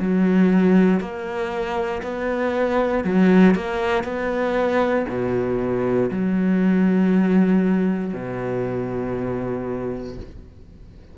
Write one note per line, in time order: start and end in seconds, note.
0.00 1.01 F#3
1.01 2.02 A#3
2.03 3.05 B3
3.05 3.55 F#3
3.55 4.04 A#3
4.04 5.06 B3
5.09 6.11 B2
6.12 8.14 F#3
8.14 10.17 B2